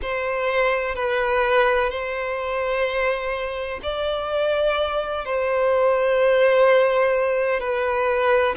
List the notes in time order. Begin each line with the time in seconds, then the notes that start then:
0.02 C5
0.95 B4
1.90 C5
3.82 D5
5.25 C5
7.59 B4